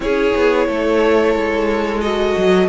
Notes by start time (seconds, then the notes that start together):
0.00 C#4 E4 G#4 C#5
0.35 B3
0.67 A3 A4
1.34 G#3
2.01 F#4 D#5
2.37 F#3